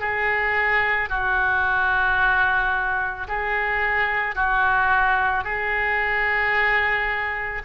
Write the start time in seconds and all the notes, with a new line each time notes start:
0.00 G#4
1.09 F#4
3.28 G#4
4.35 F#4
5.44 G#4